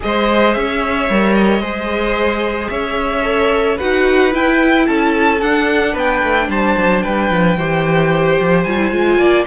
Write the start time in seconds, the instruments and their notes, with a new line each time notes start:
0.00 cello G#3, viola G#4, violin C5 D#5
0.54 cello C#4, violin C#5 E5
1.10 cello G3, viola A#4
1.33 violin D#5
1.60 cello G#3, viola G#4, violin C5
2.69 cello C#4, violin C#5 E5
3.23 viola A4
3.77 cello D#4, viola F#4, violin B4 F#5
4.31 viola E4, cello E4, violin G5
4.87 cello C#4, violin A4 A5
5.41 cello D4, viola D4, violin F#5
5.92 cello B3, violin B4 G5
6.23 cello A3
6.48 cello G3, violin C5 A5
6.77 cello F#3
7.01 cello G3, violin B4 G5
7.30 cello F3
7.56 cello E3, viola G4, violin C5
8.40 cello F3
8.63 cello G3, viola F4, violin G#5
8.78 viola E4
8.91 cello G#3, viola F4
9.18 cello A#3, violin D5